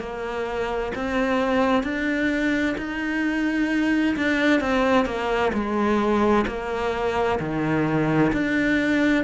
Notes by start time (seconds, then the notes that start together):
0.00 A#3
0.96 C4
1.84 D4
2.78 D#4
4.17 D4
4.61 C4
5.06 A#3
5.53 G#3
6.47 A#3
7.40 D#3
8.33 D4